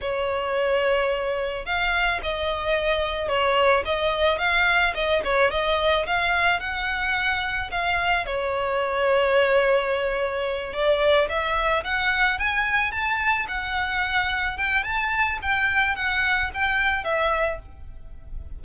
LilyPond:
\new Staff \with { instrumentName = "violin" } { \time 4/4 \tempo 4 = 109 cis''2. f''4 | dis''2 cis''4 dis''4 | f''4 dis''8 cis''8 dis''4 f''4 | fis''2 f''4 cis''4~ |
cis''2.~ cis''8 d''8~ | d''8 e''4 fis''4 gis''4 a''8~ | a''8 fis''2 g''8 a''4 | g''4 fis''4 g''4 e''4 | }